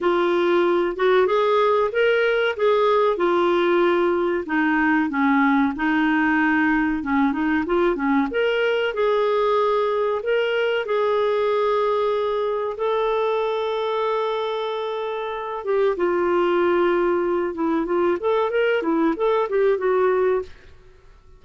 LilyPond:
\new Staff \with { instrumentName = "clarinet" } { \time 4/4 \tempo 4 = 94 f'4. fis'8 gis'4 ais'4 | gis'4 f'2 dis'4 | cis'4 dis'2 cis'8 dis'8 | f'8 cis'8 ais'4 gis'2 |
ais'4 gis'2. | a'1~ | a'8 g'8 f'2~ f'8 e'8 | f'8 a'8 ais'8 e'8 a'8 g'8 fis'4 | }